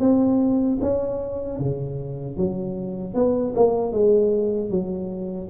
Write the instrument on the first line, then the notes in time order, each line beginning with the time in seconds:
tuba
0.00 C4
0.81 C#4
1.60 C#3
2.37 F#3
3.14 B3
3.56 A#3
3.93 G#3
4.70 F#3